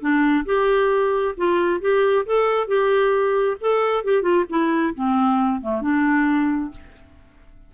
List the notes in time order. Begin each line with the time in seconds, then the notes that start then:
0.00 D4
0.45 G4
1.37 F4
1.80 G4
2.26 A4
2.67 G4
3.60 A4
4.04 G4
4.22 F4
4.49 E4
4.94 C4
5.61 A3
5.81 D4